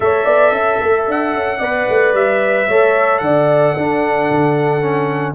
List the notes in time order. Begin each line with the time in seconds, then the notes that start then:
0.00 A3 A4 C#5 E5
0.25 B3 D5
0.51 C#4 E5
0.80 A3
1.07 D4 F#5
1.34 C#4
1.59 B3 B4 D5
1.88 A3
2.13 G3 E5
2.67 A3 A4 C#5
3.18 D3 D5 F#5
3.74 D4 A4
4.30 D3
4.80 C#4